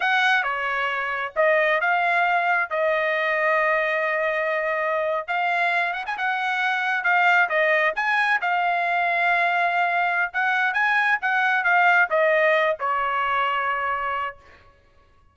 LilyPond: \new Staff \with { instrumentName = "trumpet" } { \time 4/4 \tempo 4 = 134 fis''4 cis''2 dis''4 | f''2 dis''2~ | dis''2.~ dis''8. f''16~ | f''4~ f''16 fis''16 gis''16 fis''2 f''16~ |
f''8. dis''4 gis''4 f''4~ f''16~ | f''2. fis''4 | gis''4 fis''4 f''4 dis''4~ | dis''8 cis''2.~ cis''8 | }